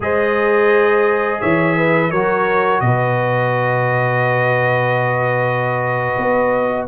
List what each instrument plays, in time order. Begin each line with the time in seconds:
0.00 tuba G#3, trombone G#4, horn C5, trumpet D#5
1.40 tuba E3, horn C#5, trumpet E5
1.76 horn B4
2.10 tuba F#3, trombone F#4, horn A#4, trumpet C#5
2.80 tuba B2, horn B4, trumpet D#5
6.17 tuba B3